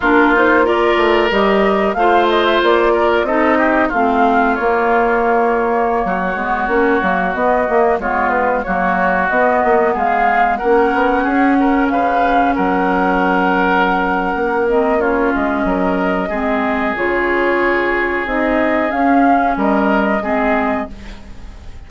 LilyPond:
<<
  \new Staff \with { instrumentName = "flute" } { \time 4/4 \tempo 4 = 92 ais'8 c''8 d''4 dis''4 f''8 dis''16 e''16 | d''4 dis''4 f''4 cis''4~ | cis''2.~ cis''16 dis''8.~ | dis''16 cis''8 b'8 cis''4 dis''4 f''8.~ |
f''16 fis''2 f''4 fis''8.~ | fis''2~ fis''8 dis''8 cis''8 dis''8~ | dis''2 cis''2 | dis''4 f''4 dis''2 | }
  \new Staff \with { instrumentName = "oboe" } { \time 4/4 f'4 ais'2 c''4~ | c''8 ais'8 a'8 g'8 f'2~ | f'4~ f'16 fis'2~ fis'8.~ | fis'16 f'4 fis'2 gis'8.~ |
gis'16 ais'4 gis'8 ais'8 b'4 ais'8.~ | ais'2. f'4 | ais'4 gis'2.~ | gis'2 ais'4 gis'4 | }
  \new Staff \with { instrumentName = "clarinet" } { \time 4/4 d'8 dis'8 f'4 g'4 f'4~ | f'4 dis'4 c'4 ais4~ | ais4.~ ais16 b8 cis'8 ais8 b8 ais16~ | ais16 b4 ais4 b4.~ b16~ |
b16 cis'2.~ cis'8.~ | cis'2~ cis'8 c'8 cis'4~ | cis'4 c'4 f'2 | dis'4 cis'2 c'4 | }
  \new Staff \with { instrumentName = "bassoon" } { \time 4/4 ais4. a8 g4 a4 | ais4 c'4 a4 ais4~ | ais4~ ais16 fis8 gis8 ais8 fis8 b8 ais16~ | ais16 gis4 fis4 b8 ais8 gis8.~ |
gis16 ais8 b8 cis'4 cis4 fis8.~ | fis2 ais4. gis8 | fis4 gis4 cis2 | c'4 cis'4 g4 gis4 | }
>>